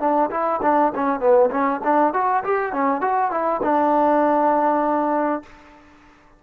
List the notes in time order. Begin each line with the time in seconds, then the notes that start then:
0.00 D4
0.31 E4
0.63 D4
0.95 C#4
1.20 B3
1.51 C#4
1.84 D4
2.14 F#4
2.44 G4
2.73 C#4
3.01 F#4
3.31 E4
3.63 D4